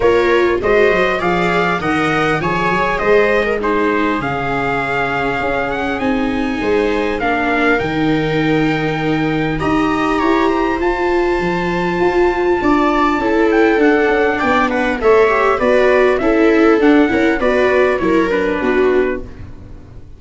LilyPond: <<
  \new Staff \with { instrumentName = "trumpet" } { \time 4/4 \tempo 4 = 100 cis''4 dis''4 f''4 fis''4 | gis''4 dis''4 c''4 f''4~ | f''4. fis''8 gis''2 | f''4 g''2. |
ais''2 a''2~ | a''2~ a''8 g''8 fis''4 | g''8 fis''8 e''4 d''4 e''4 | fis''4 d''4 cis''8 b'4. | }
  \new Staff \with { instrumentName = "viola" } { \time 4/4 ais'4 c''4 d''4 dis''4 | cis''4 c''8. ais'16 gis'2~ | gis'2. c''4 | ais'1 |
dis''4 cis''8 c''2~ c''8~ | c''4 d''4 a'2 | d''8 b'8 cis''4 b'4 a'4~ | a'8 ais'8 b'4 ais'4 fis'4 | }
  \new Staff \with { instrumentName = "viola" } { \time 4/4 f'4 fis'4 gis'4 ais'4 | gis'2 dis'4 cis'4~ | cis'2 dis'2 | d'4 dis'2. |
g'2 f'2~ | f'2 e'4 d'4~ | d'4 a'8 g'8 fis'4 e'4 | d'8 e'8 fis'4 e'8 d'4. | }
  \new Staff \with { instrumentName = "tuba" } { \time 4/4 ais4 gis8 fis8 f4 dis4 | f8 fis8 gis2 cis4~ | cis4 cis'4 c'4 gis4 | ais4 dis2. |
dis'4 e'4 f'4 f4 | f'4 d'4 cis'4 d'8 cis'8 | b4 a4 b4 cis'4 | d'8 cis'8 b4 fis4 b4 | }
>>